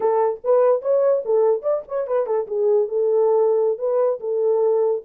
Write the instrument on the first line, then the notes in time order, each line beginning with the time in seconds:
horn
0.00 A4
0.44 B4
0.81 C#5
1.25 A4
1.62 D5
1.88 C#5
2.07 B4
2.26 A4
2.47 G#4
2.88 A4
3.78 B4
4.19 A4